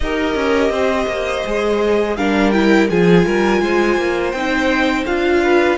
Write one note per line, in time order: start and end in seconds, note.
0.00 0.35 D#4
0.00 1.46 G4
0.00 0.71 A#4
0.00 2.16 D#5
0.35 0.69 C#4
0.69 1.06 C4
0.69 2.16 C5
1.08 1.44 A#3
1.45 2.17 G#3
1.45 2.18 G#4
2.16 2.89 G3
2.16 2.52 D4
2.16 2.89 A#4
2.16 2.51 F5
2.51 2.88 E4
2.51 2.87 G5
2.89 3.25 F3
2.89 4.34 F4
2.89 3.26 G#4
2.89 4.31 G#5
3.26 3.61 G3
3.26 3.62 A#4
3.61 3.96 G#3
3.61 5.43 C5
3.96 4.32 A#3
4.31 5.05 C4
4.31 5.06 D#4
4.31 5.03 G5
5.05 5.77 D4
5.05 5.77 F4
5.05 5.77 F5
5.43 5.77 B4